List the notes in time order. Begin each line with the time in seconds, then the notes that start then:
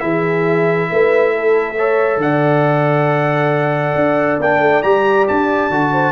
0.00 E3 E4 G#4 E5
0.90 A3 B4
1.34 A4
1.78 A4 C#5
2.18 D3 D5 F#5
3.95 D4
4.40 A#3 D4 G5
4.60 A3
4.83 G3 G4 A#5
5.28 D4 A5
5.70 D3 F#4
5.92 C5